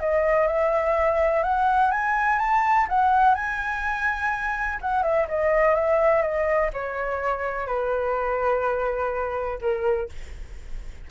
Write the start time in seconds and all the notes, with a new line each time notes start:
0.00 D#5
0.47 E5
1.43 F#5
1.92 G#5
2.39 A5
2.89 F#5
3.35 G#5
4.82 F#5
5.03 E5
5.28 D#5
5.75 E5
6.22 D#5
6.74 C#5
7.67 B4
9.61 A#4